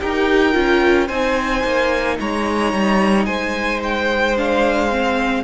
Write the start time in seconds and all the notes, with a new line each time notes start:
0.00 D#4 G4 A#4 G5
0.53 C#4 F4
1.07 C4 D#4 C5 G#5
1.64 A#3
2.20 G#3 C#5 A#5
2.73 G3
3.25 G#3 C5 G#5
3.83 G5
4.37 D4 F5
4.91 C4